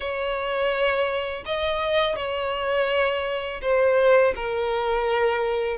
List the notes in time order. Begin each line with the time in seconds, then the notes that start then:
0.00 C#5
1.45 D#5
2.16 C#5
3.61 C5
4.35 A#4